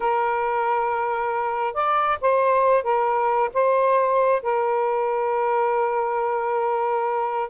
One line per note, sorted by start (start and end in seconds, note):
0.00 1.73 A#4
1.73 2.18 D5
2.21 2.83 C5
2.83 3.49 A#4
3.53 4.41 C5
4.42 7.49 A#4